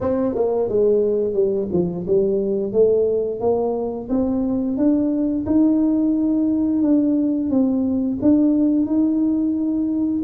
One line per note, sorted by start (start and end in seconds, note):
0.01 0.34 C4
0.34 0.68 A#3
0.68 1.33 G#3
1.33 1.67 G3
1.72 2.06 F3
2.07 2.72 G3
2.72 3.40 A3
3.40 4.08 A#3
4.09 4.77 C4
4.77 5.45 D4
5.45 6.82 D#4
6.82 7.50 D4
7.50 8.18 C4
8.21 8.86 D4
8.86 10.22 D#4